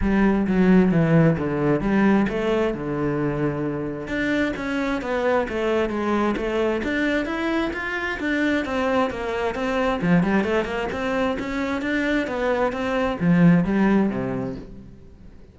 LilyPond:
\new Staff \with { instrumentName = "cello" } { \time 4/4 \tempo 4 = 132 g4 fis4 e4 d4 | g4 a4 d2~ | d4 d'4 cis'4 b4 | a4 gis4 a4 d'4 |
e'4 f'4 d'4 c'4 | ais4 c'4 f8 g8 a8 ais8 | c'4 cis'4 d'4 b4 | c'4 f4 g4 c4 | }